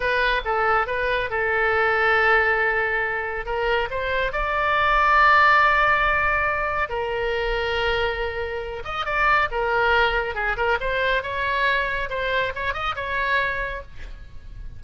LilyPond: \new Staff \with { instrumentName = "oboe" } { \time 4/4 \tempo 4 = 139 b'4 a'4 b'4 a'4~ | a'1 | ais'4 c''4 d''2~ | d''1 |
ais'1~ | ais'8 dis''8 d''4 ais'2 | gis'8 ais'8 c''4 cis''2 | c''4 cis''8 dis''8 cis''2 | }